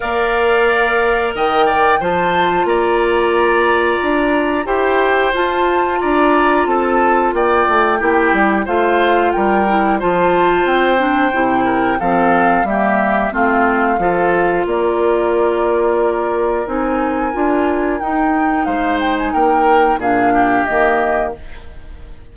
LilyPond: <<
  \new Staff \with { instrumentName = "flute" } { \time 4/4 \tempo 4 = 90 f''2 g''4 a''4 | ais''2. g''4 | a''4 ais''4 a''4 g''4~ | g''4 f''4 g''4 a''4 |
g''2 f''4 e''4 | f''2 d''2~ | d''4 gis''2 g''4 | f''8 g''16 gis''16 g''4 f''4 dis''4 | }
  \new Staff \with { instrumentName = "oboe" } { \time 4/4 d''2 dis''8 d''8 c''4 | d''2. c''4~ | c''4 d''4 a'4 d''4 | g'4 c''4 ais'4 c''4~ |
c''4. ais'8 a'4 g'4 | f'4 a'4 ais'2~ | ais'1 | c''4 ais'4 gis'8 g'4. | }
  \new Staff \with { instrumentName = "clarinet" } { \time 4/4 ais'2. f'4~ | f'2. g'4 | f'1 | e'4 f'4. e'8 f'4~ |
f'8 d'8 e'4 c'4 ais4 | c'4 f'2.~ | f'4 dis'4 f'4 dis'4~ | dis'2 d'4 ais4 | }
  \new Staff \with { instrumentName = "bassoon" } { \time 4/4 ais2 dis4 f4 | ais2 d'4 e'4 | f'4 d'4 c'4 ais8 a8 | ais8 g8 a4 g4 f4 |
c'4 c4 f4 g4 | a4 f4 ais2~ | ais4 c'4 d'4 dis'4 | gis4 ais4 ais,4 dis4 | }
>>